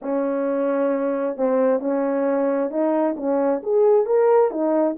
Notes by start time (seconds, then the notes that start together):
0.01 C#4
1.36 C4
1.80 C#4
2.70 D#4
3.16 C#4
3.62 G#4
4.05 A#4
4.50 D#4